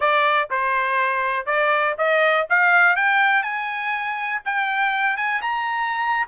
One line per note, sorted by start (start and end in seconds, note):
0.00 0.49 D5
0.50 1.46 C5
1.46 1.95 D5
1.97 2.47 D#5
2.49 2.96 F5
2.96 3.42 G5
3.42 4.41 G#5
4.45 5.16 G5
5.16 5.41 G#5
5.41 6.27 A#5